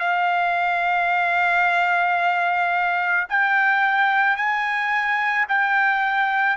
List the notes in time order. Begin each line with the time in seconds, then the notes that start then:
0.00 F5
3.30 G5
4.37 G#5
5.49 G5